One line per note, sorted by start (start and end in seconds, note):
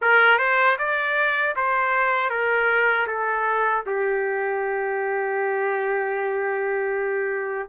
0.01 0.38 A#4
0.38 0.76 C5
0.78 1.55 D5
1.56 2.29 C5
2.29 3.06 A#4
3.07 3.84 A4
3.86 7.69 G4